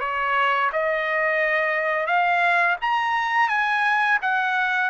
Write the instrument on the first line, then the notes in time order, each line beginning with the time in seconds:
trumpet
0.00 C#5
0.72 D#5
2.06 F5
2.81 A#5
3.49 G#5
4.21 F#5